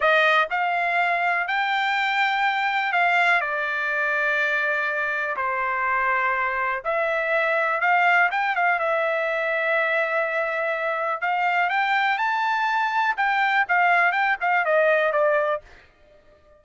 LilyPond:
\new Staff \with { instrumentName = "trumpet" } { \time 4/4 \tempo 4 = 123 dis''4 f''2 g''4~ | g''2 f''4 d''4~ | d''2. c''4~ | c''2 e''2 |
f''4 g''8 f''8 e''2~ | e''2. f''4 | g''4 a''2 g''4 | f''4 g''8 f''8 dis''4 d''4 | }